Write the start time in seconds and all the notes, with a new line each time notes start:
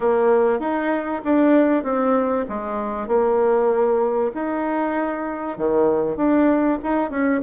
0.00 A#3
0.59 D#4
1.24 D4
1.83 C4
2.48 G#3
3.07 A#3
4.34 D#4
5.57 D#3
6.16 D4
6.83 D#4
7.10 C#4